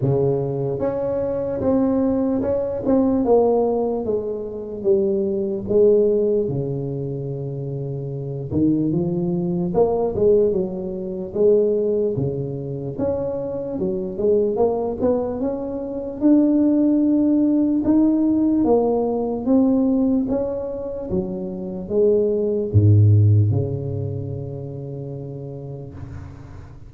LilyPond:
\new Staff \with { instrumentName = "tuba" } { \time 4/4 \tempo 4 = 74 cis4 cis'4 c'4 cis'8 c'8 | ais4 gis4 g4 gis4 | cis2~ cis8 dis8 f4 | ais8 gis8 fis4 gis4 cis4 |
cis'4 fis8 gis8 ais8 b8 cis'4 | d'2 dis'4 ais4 | c'4 cis'4 fis4 gis4 | gis,4 cis2. | }